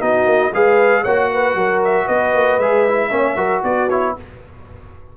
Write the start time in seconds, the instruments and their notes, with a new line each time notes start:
0.00 tuba B3, trombone D#4, horn F#4, trumpet D#5
0.25 tuba A#3
0.53 tuba G#3, trombone G#4, horn B4, trumpet F5
1.02 tuba A#3, trombone F#4, horn C#5, trumpet F#5
1.33 horn B4
1.55 tuba F#3, horn A#4
1.84 trumpet E5
2.06 tuba B3, horn B4, trumpet D#5
2.34 tuba A#3
2.58 tuba G#3, trombone G#4, trumpet E5
2.88 trombone E4
3.10 tuba A#3, trombone C#4, horn C#5
3.36 tuba F#3, trombone F#4, horn A#4
3.63 tuba B3, horn F#4, trumpet D5
3.89 trombone E4, trumpet C#5